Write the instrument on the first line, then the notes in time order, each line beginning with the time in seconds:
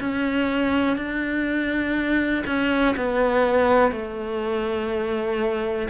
cello
0.00 C#4
0.97 D4
2.46 C#4
2.96 B3
3.92 A3